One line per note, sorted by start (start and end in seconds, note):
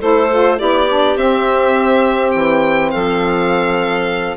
0.00 0.60 A3
0.00 0.29 E4
0.00 0.58 A4
0.00 0.59 C5
0.31 0.58 F4
0.58 1.17 B3
0.58 0.87 E4
0.58 2.92 G4
0.58 1.17 D5
0.88 1.17 D4
1.17 2.33 C4
1.17 4.37 C4
1.17 2.31 E5
2.31 2.93 E3
2.31 2.89 G5
2.91 4.37 F3
2.91 4.37 A4
2.91 4.36 F5